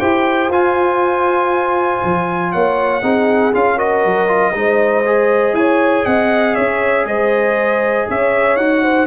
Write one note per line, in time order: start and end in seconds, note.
0.00 0.49 E4
0.00 0.50 G4
0.00 2.52 C5
0.00 0.51 G5
0.49 2.01 F4
0.49 3.03 F4
0.49 2.53 G#5
2.05 2.55 F3
2.53 3.03 A#3
2.53 3.03 C#5
2.53 3.54 F#5
3.03 3.53 C4
3.03 3.53 D#4
3.03 3.77 G#4
3.53 4.05 C#4
3.53 3.78 F4
3.53 3.79 F5
3.77 4.28 F#4
3.77 4.52 A#4
3.77 5.55 D#5
4.06 4.55 F#3
4.28 4.54 F4
4.54 5.54 G#3
4.54 5.05 D#4
4.54 5.57 C5
5.06 8.59 G#4
5.54 6.04 E4
5.54 6.05 C#5
5.54 6.06 G#5
6.05 6.57 C4
6.05 6.55 D#5
6.05 6.55 F#5
6.55 7.05 C#4
6.55 7.05 C#5
6.55 7.06 E5
7.05 8.06 G#3
7.05 8.09 C5
7.05 8.08 D#5
8.09 8.57 C#4
8.09 8.84 C#5
8.09 8.57 E5
8.57 9.07 D#4
8.57 9.07 F#4
8.57 9.07 F#5
8.84 9.07 C5